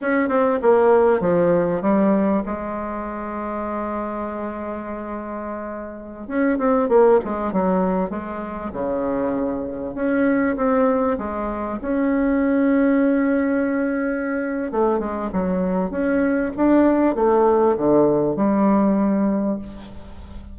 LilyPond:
\new Staff \with { instrumentName = "bassoon" } { \time 4/4 \tempo 4 = 98 cis'8 c'8 ais4 f4 g4 | gis1~ | gis2~ gis16 cis'8 c'8 ais8 gis16~ | gis16 fis4 gis4 cis4.~ cis16~ |
cis16 cis'4 c'4 gis4 cis'8.~ | cis'1 | a8 gis8 fis4 cis'4 d'4 | a4 d4 g2 | }